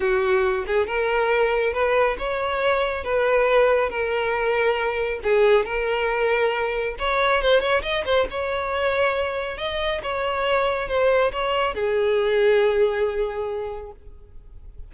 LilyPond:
\new Staff \with { instrumentName = "violin" } { \time 4/4 \tempo 4 = 138 fis'4. gis'8 ais'2 | b'4 cis''2 b'4~ | b'4 ais'2. | gis'4 ais'2. |
cis''4 c''8 cis''8 dis''8 c''8 cis''4~ | cis''2 dis''4 cis''4~ | cis''4 c''4 cis''4 gis'4~ | gis'1 | }